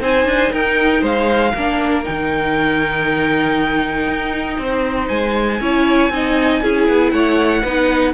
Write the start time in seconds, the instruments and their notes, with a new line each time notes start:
0.00 cello C4, viola D#4, violin C5 G#5
0.25 cello D4
0.52 cello D#4, violin A#4 G5
1.01 cello G#3, violin C5 F5
1.54 cello A#3, viola D4, violin A#4
2.03 cello D#3, viola D#4, violin G5
4.07 cello D#4
4.58 cello C4, violin C5
5.08 cello G#3, violin G#5
5.60 cello C#4, viola E4, violin C#5
6.09 cello C4, viola D#4, violin D#5
6.62 cello C#4, viola E4, violin G#4
6.88 cello B3
7.10 cello A3, violin C#5 F#5
7.62 cello B3, viola D#4, violin B4